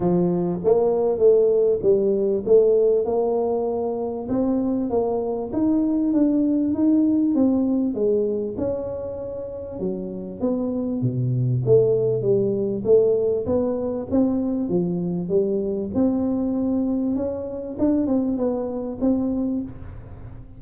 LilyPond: \new Staff \with { instrumentName = "tuba" } { \time 4/4 \tempo 4 = 98 f4 ais4 a4 g4 | a4 ais2 c'4 | ais4 dis'4 d'4 dis'4 | c'4 gis4 cis'2 |
fis4 b4 b,4 a4 | g4 a4 b4 c'4 | f4 g4 c'2 | cis'4 d'8 c'8 b4 c'4 | }